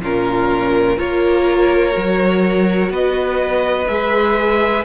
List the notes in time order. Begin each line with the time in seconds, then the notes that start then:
0.00 A#2 C#4 F4 A#4
0.98 A#3 F4 A#4 C#5
1.91 F#3 F#4
2.89 B3 B4 D#5
3.87 G#3 G#4 E5